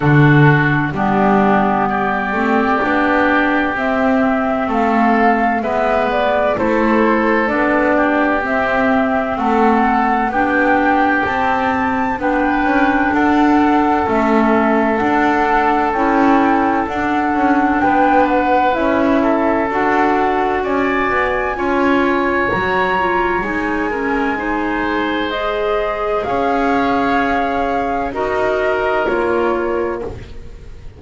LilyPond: <<
  \new Staff \with { instrumentName = "flute" } { \time 4/4 \tempo 4 = 64 a'4 g'4 d''2 | e''4 f''4 e''8 d''8 c''4 | d''4 e''4 fis''4 g''4 | a''4 g''4 fis''4 e''4 |
fis''4 g''4 fis''4 g''8 fis''8 | e''4 fis''4 gis''2 | ais''4 gis''2 dis''4 | f''2 dis''4 cis''4 | }
  \new Staff \with { instrumentName = "oboe" } { \time 4/4 fis'4 d'4 g'2~ | g'4 a'4 b'4 a'4~ | a'8 g'4. a'4 g'4~ | g'4 b'4 a'2~ |
a'2. b'4~ | b'8 a'4. d''4 cis''4~ | cis''4. ais'8 c''2 | cis''2 ais'2 | }
  \new Staff \with { instrumentName = "clarinet" } { \time 4/4 d'4 b4. c'8 d'4 | c'2 b4 e'4 | d'4 c'2 d'4 | c'4 d'2 cis'4 |
d'4 e'4 d'2 | e'4 fis'2 f'4 | fis'8 f'8 dis'8 cis'8 dis'4 gis'4~ | gis'2 fis'4 f'4 | }
  \new Staff \with { instrumentName = "double bass" } { \time 4/4 d4 g4. a8 b4 | c'4 a4 gis4 a4 | b4 c'4 a4 b4 | c'4 b8 cis'8 d'4 a4 |
d'4 cis'4 d'8 cis'8 b4 | cis'4 d'4 cis'8 b8 cis'4 | fis4 gis2. | cis'2 dis'4 ais4 | }
>>